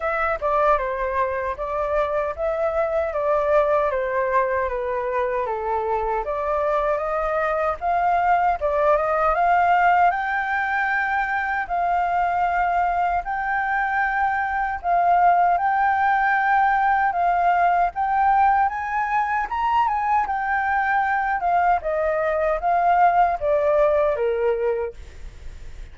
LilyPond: \new Staff \with { instrumentName = "flute" } { \time 4/4 \tempo 4 = 77 e''8 d''8 c''4 d''4 e''4 | d''4 c''4 b'4 a'4 | d''4 dis''4 f''4 d''8 dis''8 | f''4 g''2 f''4~ |
f''4 g''2 f''4 | g''2 f''4 g''4 | gis''4 ais''8 gis''8 g''4. f''8 | dis''4 f''4 d''4 ais'4 | }